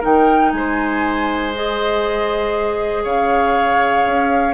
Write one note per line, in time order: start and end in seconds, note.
0.00 0.53 D#3
0.00 1.53 D#4
0.00 0.50 A#4
0.00 0.52 G5
0.52 3.05 G#3
0.52 3.04 C5
0.52 1.53 G#5
1.54 4.54 G#4
1.54 3.05 D#5
3.04 4.06 C#3
3.04 4.54 C#5
3.04 4.54 F5
4.06 4.54 C#4